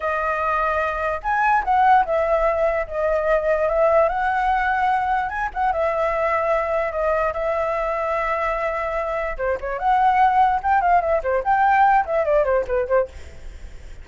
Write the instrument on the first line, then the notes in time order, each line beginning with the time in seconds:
flute
0.00 D#5
1.22 G#5
1.64 F#5
2.05 E5
2.87 D#5
3.68 E5
4.08 F#5
5.29 G#5
5.54 F#5
5.72 E5
6.91 D#5
7.33 E5
9.37 C5
9.60 C#5
9.78 F#5
10.62 G5
10.81 F5
11.01 E5
11.23 C5
11.43 G5
12.05 E5
12.24 D5
12.44 C5
12.67 B4
12.87 C5